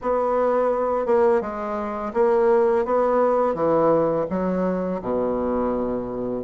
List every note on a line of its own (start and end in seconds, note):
0.01 1.06 B3
1.06 1.41 A#3
1.41 2.12 G#3
2.13 2.85 A#3
2.85 3.54 B3
3.54 4.25 E3
4.30 5.01 F#3
5.01 6.44 B2